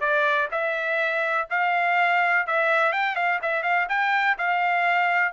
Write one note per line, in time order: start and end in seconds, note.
0.00 0.48 D5
0.51 1.48 E5
1.50 2.47 F5
2.47 2.93 E5
2.93 3.16 G5
3.16 3.40 F5
3.42 3.63 E5
3.63 3.87 F5
3.89 4.37 G5
4.38 5.33 F5